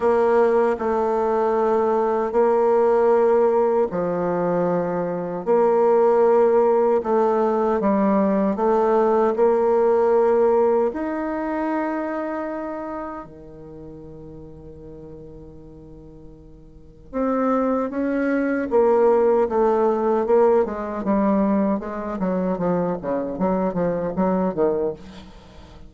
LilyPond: \new Staff \with { instrumentName = "bassoon" } { \time 4/4 \tempo 4 = 77 ais4 a2 ais4~ | ais4 f2 ais4~ | ais4 a4 g4 a4 | ais2 dis'2~ |
dis'4 dis2.~ | dis2 c'4 cis'4 | ais4 a4 ais8 gis8 g4 | gis8 fis8 f8 cis8 fis8 f8 fis8 dis8 | }